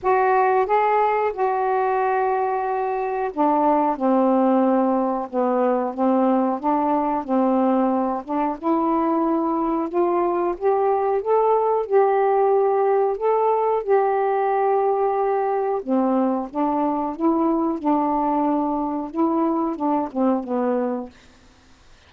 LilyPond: \new Staff \with { instrumentName = "saxophone" } { \time 4/4 \tempo 4 = 91 fis'4 gis'4 fis'2~ | fis'4 d'4 c'2 | b4 c'4 d'4 c'4~ | c'8 d'8 e'2 f'4 |
g'4 a'4 g'2 | a'4 g'2. | c'4 d'4 e'4 d'4~ | d'4 e'4 d'8 c'8 b4 | }